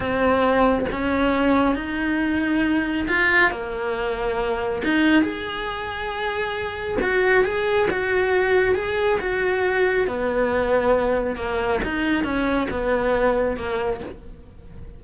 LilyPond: \new Staff \with { instrumentName = "cello" } { \time 4/4 \tempo 4 = 137 c'2 cis'2 | dis'2. f'4 | ais2. dis'4 | gis'1 |
fis'4 gis'4 fis'2 | gis'4 fis'2 b4~ | b2 ais4 dis'4 | cis'4 b2 ais4 | }